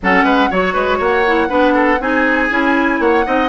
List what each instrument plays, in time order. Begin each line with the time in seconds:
0.02 bassoon F#3, clarinet C#4, oboe A4, flute F#5
0.23 bassoon G#3, oboe B4
0.50 bassoon F#3, clarinet F#4, oboe C#5, flute C#5
0.73 bassoon G#3, oboe B4
0.97 bassoon A#3, oboe C#5, flute F#5
1.26 clarinet E4
1.48 bassoon B3, clarinet D4, oboe B4
1.74 oboe A4
2.00 bassoon C4, clarinet D#4, oboe G#4, flute G#5
2.50 bassoon C#4, clarinet E4
2.99 bassoon A#3, oboe C#5, flute F#5
3.25 bassoon C4, clarinet D#4, oboe D#5